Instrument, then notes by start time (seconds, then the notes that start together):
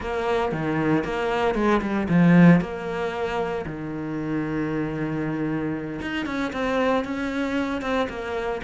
cello
0.00 A#3
0.52 D#3
1.03 A#3
1.54 G#3
1.81 G3
2.08 F3
2.60 A#3
3.66 D#3
6.01 D#4
6.26 C#4
6.52 C4
7.04 C#4
7.81 C4
8.09 A#3